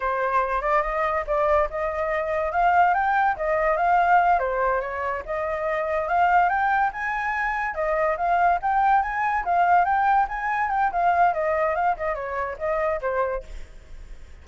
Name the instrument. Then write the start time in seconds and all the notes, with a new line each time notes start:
flute
0.00 C5
0.61 D5
0.82 D#5
1.27 D5
1.70 D#5
2.52 F5
2.94 G5
3.36 D#5
3.76 F5
4.39 C5
4.80 C#5
5.25 D#5
6.08 F5
6.49 G5
6.92 G#5
7.74 D#5
8.17 F5
8.61 G5
9.02 G#5
9.44 F5
9.84 G5
10.28 G#5
10.70 G5
10.92 F5
11.33 D#5
11.75 F5
11.97 D#5
12.14 C#5
12.58 D#5
13.01 C5